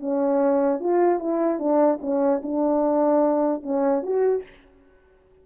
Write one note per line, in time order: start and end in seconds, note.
0.00 0.80 C#4
0.80 1.20 F4
1.20 1.59 E4
1.59 2.00 D4
2.01 2.42 C#4
2.43 3.63 D4
3.63 4.03 C#4
4.03 4.43 F#4